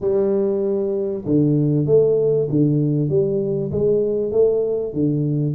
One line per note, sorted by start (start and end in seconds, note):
0.00 1.24 G3
1.25 1.86 D3
1.86 2.47 A3
2.50 3.09 D3
3.09 3.71 G3
3.71 4.31 G#3
4.31 4.93 A3
4.93 5.55 D3